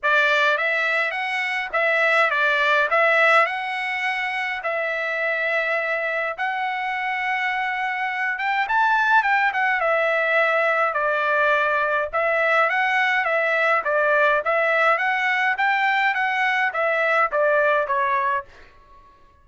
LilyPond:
\new Staff \with { instrumentName = "trumpet" } { \time 4/4 \tempo 4 = 104 d''4 e''4 fis''4 e''4 | d''4 e''4 fis''2 | e''2. fis''4~ | fis''2~ fis''8 g''8 a''4 |
g''8 fis''8 e''2 d''4~ | d''4 e''4 fis''4 e''4 | d''4 e''4 fis''4 g''4 | fis''4 e''4 d''4 cis''4 | }